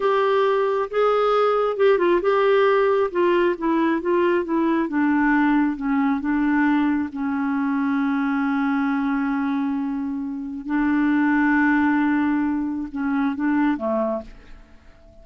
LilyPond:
\new Staff \with { instrumentName = "clarinet" } { \time 4/4 \tempo 4 = 135 g'2 gis'2 | g'8 f'8 g'2 f'4 | e'4 f'4 e'4 d'4~ | d'4 cis'4 d'2 |
cis'1~ | cis'1 | d'1~ | d'4 cis'4 d'4 a4 | }